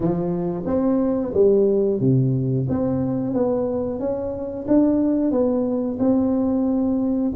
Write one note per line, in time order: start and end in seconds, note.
0.00 0.64 F3
0.66 1.32 C4
1.33 2.00 G3
2.00 2.67 C3
2.68 3.33 C4
3.33 3.99 B3
3.99 4.66 C#4
4.67 5.31 D4
5.31 5.98 B3
5.99 7.32 C4